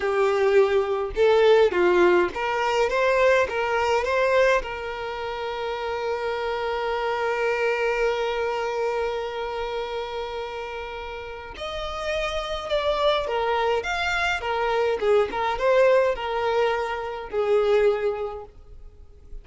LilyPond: \new Staff \with { instrumentName = "violin" } { \time 4/4 \tempo 4 = 104 g'2 a'4 f'4 | ais'4 c''4 ais'4 c''4 | ais'1~ | ais'1~ |
ais'1 | dis''2 d''4 ais'4 | f''4 ais'4 gis'8 ais'8 c''4 | ais'2 gis'2 | }